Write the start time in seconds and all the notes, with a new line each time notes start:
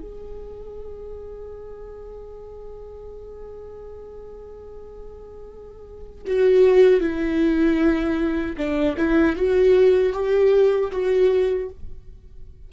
0.00 G#4
6.27 F#4
7.01 E4
8.57 D4
8.98 E4
9.36 F#4
10.13 G4
10.92 F#4